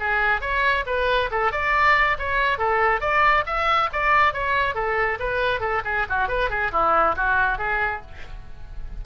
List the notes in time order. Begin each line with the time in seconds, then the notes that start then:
0.00 G#4
0.41 C#5
0.87 B4
1.31 A4
1.52 D5
2.19 C#5
2.58 A4
3.01 D5
3.46 E5
3.93 D5
4.34 C#5
4.75 A4
5.20 B4
5.60 A4
5.85 G#4
6.10 F#4
6.28 B4
6.50 G#4
6.72 E4
7.17 F#4
7.58 G#4